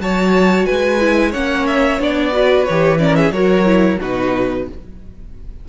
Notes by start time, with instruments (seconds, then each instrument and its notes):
0.00 cello F#3, viola F#4, violin C#5 A5
0.65 cello G#3, violin B4 G#5
1.01 viola E4
1.30 cello A#3, viola C#4, violin C#5 F#5
1.67 violin E5
2.00 cello B3, viola D4, violin D5
2.32 viola F#4, violin B4
2.64 cello E3, viola G4, violin C#5
2.98 viola C#4, violin A#4 D5
3.16 violin G#4 E5
3.31 cello F#3, viola F#4, violin A#4 C#5
3.65 viola E4
3.99 cello B2, viola D#4, violin F#4 B4